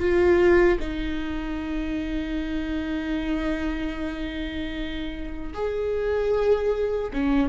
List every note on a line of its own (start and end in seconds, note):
0.00 0.79 F4
0.80 5.54 D#4
5.54 7.12 G#4
7.13 7.49 C#4